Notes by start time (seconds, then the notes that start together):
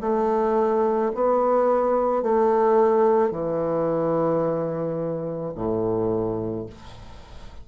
0.00 A3
1.14 B3
2.22 A3
3.31 E3
5.55 A2